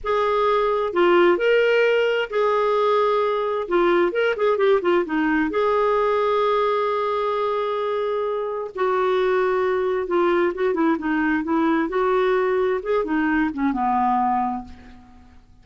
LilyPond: \new Staff \with { instrumentName = "clarinet" } { \time 4/4 \tempo 4 = 131 gis'2 f'4 ais'4~ | ais'4 gis'2. | f'4 ais'8 gis'8 g'8 f'8 dis'4 | gis'1~ |
gis'2. fis'4~ | fis'2 f'4 fis'8 e'8 | dis'4 e'4 fis'2 | gis'8 dis'4 cis'8 b2 | }